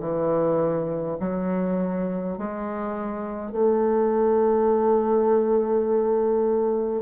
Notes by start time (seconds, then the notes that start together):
0.00 E3
1.20 F#3
2.38 G#3
3.52 A3